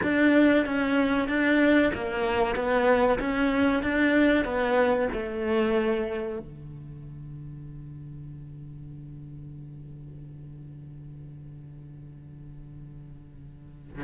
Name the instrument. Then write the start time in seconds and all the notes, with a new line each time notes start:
cello
0.02 D4
0.65 C#4
1.28 D4
1.94 A#3
2.55 B3
3.19 C#4
3.83 D4
4.44 B3
5.12 A3
6.39 D3